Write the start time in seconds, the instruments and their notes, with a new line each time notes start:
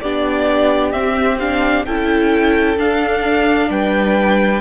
0.00 cello B3, viola D4, violin G4 D5
0.92 viola C4, cello C4, violin E5
1.39 viola D4, violin F5
1.85 cello C#4, viola E4, violin A4 G5
2.77 cello D4, viola D4, violin F5
3.69 cello G3, violin B4 G5